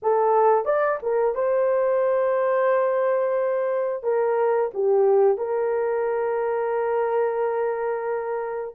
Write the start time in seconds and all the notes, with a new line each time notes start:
0.02 A4
0.65 D5
1.02 A#4
1.35 C5
4.03 A#4
4.73 G4
5.37 A#4